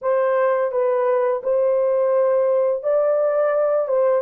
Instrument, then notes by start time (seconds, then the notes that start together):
horn
0.01 C5
0.71 B4
1.43 C5
2.83 D5
3.88 C5